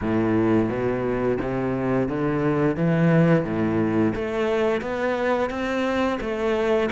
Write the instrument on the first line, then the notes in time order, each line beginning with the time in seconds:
cello
0.01 A2
0.69 B2
1.41 C3
2.08 D3
2.76 E3
3.44 A2
4.15 A3
4.81 B3
5.50 C4
6.20 A3